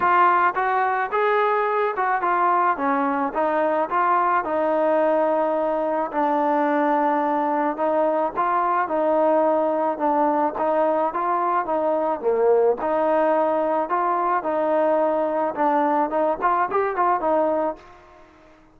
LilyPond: \new Staff \with { instrumentName = "trombone" } { \time 4/4 \tempo 4 = 108 f'4 fis'4 gis'4. fis'8 | f'4 cis'4 dis'4 f'4 | dis'2. d'4~ | d'2 dis'4 f'4 |
dis'2 d'4 dis'4 | f'4 dis'4 ais4 dis'4~ | dis'4 f'4 dis'2 | d'4 dis'8 f'8 g'8 f'8 dis'4 | }